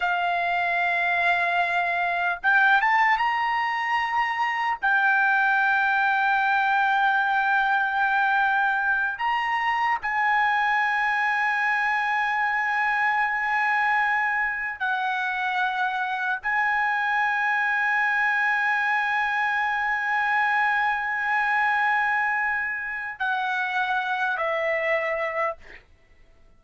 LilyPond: \new Staff \with { instrumentName = "trumpet" } { \time 4/4 \tempo 4 = 75 f''2. g''8 a''8 | ais''2 g''2~ | g''2.~ g''8 ais''8~ | ais''8 gis''2.~ gis''8~ |
gis''2~ gis''8 fis''4.~ | fis''8 gis''2.~ gis''8~ | gis''1~ | gis''4 fis''4. e''4. | }